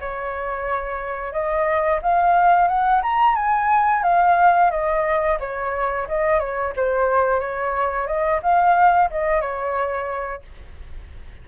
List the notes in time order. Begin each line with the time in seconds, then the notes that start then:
0.00 C#5
1.32 D#5
2.02 F5
2.68 F#5
3.02 A#5
3.36 G#5
4.03 F5
4.71 D#5
5.40 C#5
6.08 D#5
6.39 C#5
6.76 C5
7.40 C#5
8.07 D#5
8.42 F5
9.10 D#5
9.41 C#5